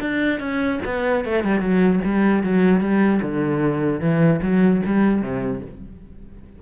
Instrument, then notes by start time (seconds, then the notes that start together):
cello
0.00 D4
0.39 C#4
0.84 B3
1.24 A3
1.43 G3
1.60 F#3
2.04 G3
2.43 F#3
2.80 G3
3.21 D3
4.00 E3
4.41 F#3
4.85 G3
5.21 C3